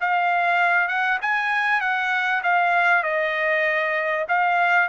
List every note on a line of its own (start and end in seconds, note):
0.00 0.87 F5
0.87 1.18 F#5
1.21 1.80 G#5
1.80 2.42 F#5
2.43 3.03 F5
3.03 4.25 D#5
4.28 4.88 F5